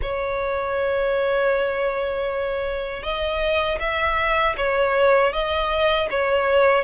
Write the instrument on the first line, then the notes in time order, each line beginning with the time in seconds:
violin
0.02 C#5
3.02 D#5
3.79 E5
4.57 C#5
5.32 D#5
6.10 C#5